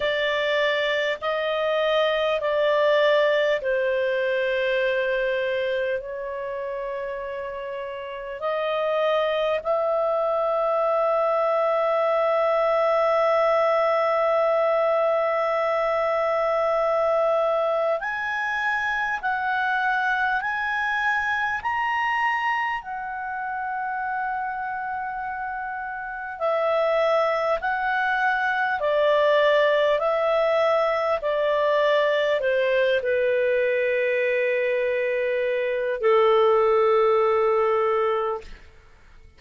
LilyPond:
\new Staff \with { instrumentName = "clarinet" } { \time 4/4 \tempo 4 = 50 d''4 dis''4 d''4 c''4~ | c''4 cis''2 dis''4 | e''1~ | e''2. gis''4 |
fis''4 gis''4 ais''4 fis''4~ | fis''2 e''4 fis''4 | d''4 e''4 d''4 c''8 b'8~ | b'2 a'2 | }